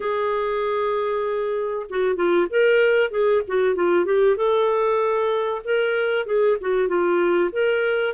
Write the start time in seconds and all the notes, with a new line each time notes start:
0.00 G#4
1.89 F#4
2.15 F4
2.50 A#4
3.11 G#4
3.47 F#4
3.75 F4
4.05 G4
4.36 A4
5.64 A#4
6.26 G#4
6.60 F#4
6.88 F4
7.52 A#4